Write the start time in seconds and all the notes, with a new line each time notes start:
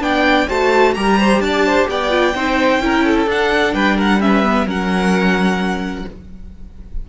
0.00 B3 D4 D5 G5
0.47 A3 F#4 C5 A5
0.94 G3 G4 A#4 A#5
1.19 C5
1.40 D4 D5 A5
1.66 C5
1.88 B3 D5 G5
2.10 F4
2.35 C4 D#4 C5
2.80 C#4 E4 A#4
3.04 A4
3.26 D4 F#5
3.73 G3 B4 G5
3.97 A#4 F#5
4.20 C#4 B4 E5
4.43 B3
4.65 F#3 C#4 A#4 F#5